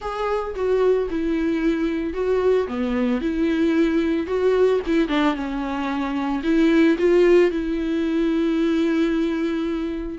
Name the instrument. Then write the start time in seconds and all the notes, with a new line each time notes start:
viola
0.01 G#4
0.55 F#4
1.10 E4
2.13 F#4
2.67 B3
3.21 E4
4.26 F#4
4.86 E4
5.08 D4
5.34 C#4
6.43 E4
6.98 F4
7.50 E4